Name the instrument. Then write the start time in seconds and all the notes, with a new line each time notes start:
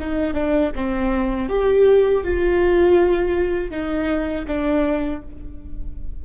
viola
0.00 D#4
0.34 D4
0.76 C4
1.49 G4
2.24 F4
3.71 D#4
4.48 D4